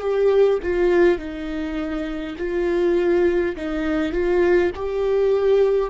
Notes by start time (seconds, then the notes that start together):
0.00 G4
0.63 F4
1.18 D#4
2.38 F4
3.56 D#4
4.12 F4
4.75 G4